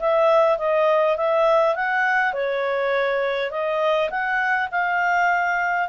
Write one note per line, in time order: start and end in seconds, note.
0.00 0.59 E5
0.59 1.17 D#5
1.17 1.76 E5
1.76 2.33 F#5
2.33 3.51 C#5
3.51 4.10 D#5
4.11 4.70 F#5
4.71 5.89 F5